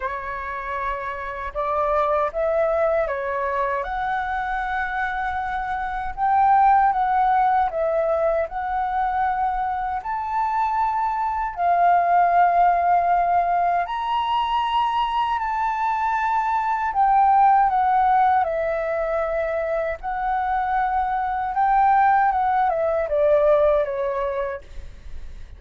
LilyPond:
\new Staff \with { instrumentName = "flute" } { \time 4/4 \tempo 4 = 78 cis''2 d''4 e''4 | cis''4 fis''2. | g''4 fis''4 e''4 fis''4~ | fis''4 a''2 f''4~ |
f''2 ais''2 | a''2 g''4 fis''4 | e''2 fis''2 | g''4 fis''8 e''8 d''4 cis''4 | }